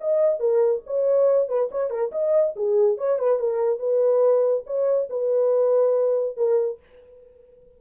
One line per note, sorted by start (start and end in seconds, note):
0.00 0.39 D#5
0.39 0.82 A#4
0.86 1.48 C#5
1.48 1.69 B4
1.71 1.90 C#5
1.90 2.11 A#4
2.12 2.54 D#5
2.56 2.97 G#4
2.97 3.19 C#5
3.19 3.39 B4
3.39 3.79 A#4
3.79 4.64 B4
4.66 5.09 C#5
5.09 6.36 B4
6.36 6.79 A#4